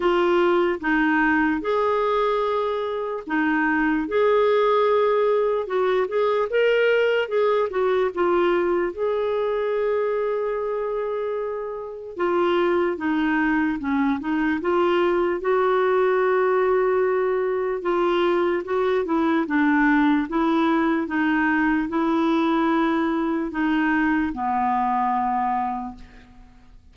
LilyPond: \new Staff \with { instrumentName = "clarinet" } { \time 4/4 \tempo 4 = 74 f'4 dis'4 gis'2 | dis'4 gis'2 fis'8 gis'8 | ais'4 gis'8 fis'8 f'4 gis'4~ | gis'2. f'4 |
dis'4 cis'8 dis'8 f'4 fis'4~ | fis'2 f'4 fis'8 e'8 | d'4 e'4 dis'4 e'4~ | e'4 dis'4 b2 | }